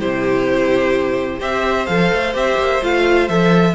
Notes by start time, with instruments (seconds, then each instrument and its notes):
0.00 cello C3, viola E4, violin G4 C5
1.40 cello C4, viola G4, violin C5 E5
1.87 cello F3, viola A4, violin F5
2.13 cello A3
2.34 cello C4, viola G4, violin E5
2.59 cello A#3
2.83 cello A3, viola F4, violin F5
3.29 cello F3, viola A4, violin E5